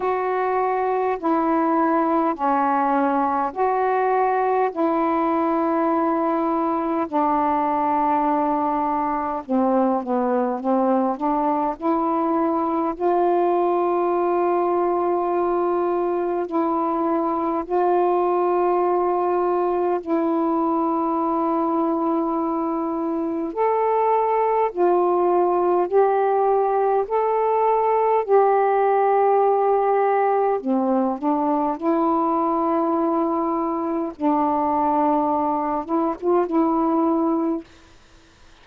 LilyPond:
\new Staff \with { instrumentName = "saxophone" } { \time 4/4 \tempo 4 = 51 fis'4 e'4 cis'4 fis'4 | e'2 d'2 | c'8 b8 c'8 d'8 e'4 f'4~ | f'2 e'4 f'4~ |
f'4 e'2. | a'4 f'4 g'4 a'4 | g'2 c'8 d'8 e'4~ | e'4 d'4. e'16 f'16 e'4 | }